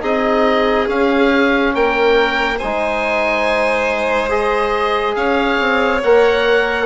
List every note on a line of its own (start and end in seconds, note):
0.00 0.87 C4
0.00 0.86 D#4
0.00 1.73 G#4
0.00 0.88 D#5
0.86 2.58 C#4
0.86 1.73 C#4
0.86 1.74 F5
1.74 2.60 A#3
1.74 2.57 A#4
1.74 2.58 G5
2.57 5.16 G#3
2.57 4.29 D#4
2.57 5.14 C5
2.57 4.30 G#5
4.29 6.00 G#4
4.29 5.15 D#5
5.15 5.59 C#4
5.15 6.86 C#5
5.15 6.01 F5
5.59 6.02 C4
6.03 6.86 A#3
6.03 6.86 A#4
6.03 6.86 F#5